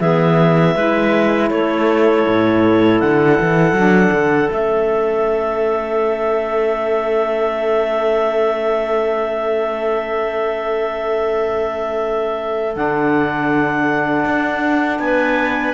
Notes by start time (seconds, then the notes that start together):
0.00 E3 B3 G#4 E5
0.75 G#3 E4 B4
1.50 A3 A4 C#5
2.27 A2
3.00 D3 F#5
3.40 E3
3.73 F#3 D4
4.12 D3
4.49 A3 C#4 E5
12.74 D3 D4 F#5
14.25 D4
14.99 B3 B4 G#5